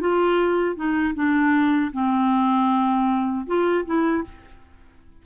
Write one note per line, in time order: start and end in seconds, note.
0.00 0.76 F4
0.76 1.14 D#4
1.14 1.91 D4
1.92 3.46 C4
3.47 3.85 F4
3.85 4.24 E4